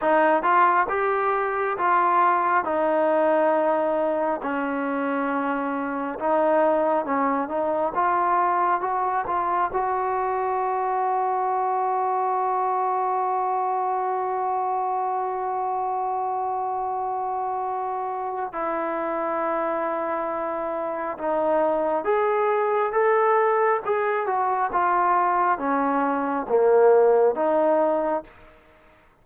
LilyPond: \new Staff \with { instrumentName = "trombone" } { \time 4/4 \tempo 4 = 68 dis'8 f'8 g'4 f'4 dis'4~ | dis'4 cis'2 dis'4 | cis'8 dis'8 f'4 fis'8 f'8 fis'4~ | fis'1~ |
fis'1~ | fis'4 e'2. | dis'4 gis'4 a'4 gis'8 fis'8 | f'4 cis'4 ais4 dis'4 | }